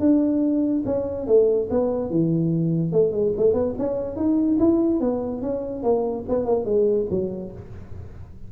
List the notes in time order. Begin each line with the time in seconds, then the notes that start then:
0.00 D4
0.86 C#4
1.27 A3
1.70 B3
2.11 E3
2.92 A3
3.12 G#3
3.37 A3
3.54 B3
3.79 C#4
4.16 D#4
4.59 E4
5.01 B3
5.42 C#4
5.83 A#3
6.29 B3
6.46 A#3
6.65 G#3
7.11 F#3